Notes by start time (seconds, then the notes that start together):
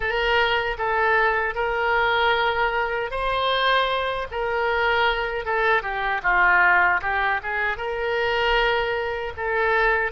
0.00 A#4
0.78 A4
1.54 A#4
3.10 C5
4.31 A#4
5.45 A4
5.82 G4
6.23 F4
7.01 G4
7.42 G#4
7.77 A#4
9.36 A4